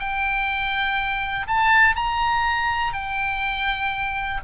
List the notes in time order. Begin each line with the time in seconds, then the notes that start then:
0.00 G5
1.48 A5
1.96 A#5
2.94 G5